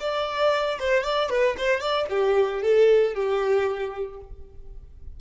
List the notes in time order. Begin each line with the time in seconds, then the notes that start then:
0.00 D5
0.79 C5
1.03 D5
1.30 B4
1.58 C5
1.81 D5
2.09 G4
2.62 A4
3.15 G4